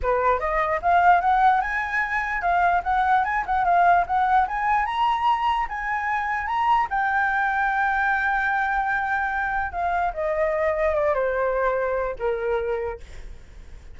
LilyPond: \new Staff \with { instrumentName = "flute" } { \time 4/4 \tempo 4 = 148 b'4 dis''4 f''4 fis''4 | gis''2 f''4 fis''4 | gis''8 fis''8 f''4 fis''4 gis''4 | ais''2 gis''2 |
ais''4 g''2.~ | g''1 | f''4 dis''2 d''8 c''8~ | c''2 ais'2 | }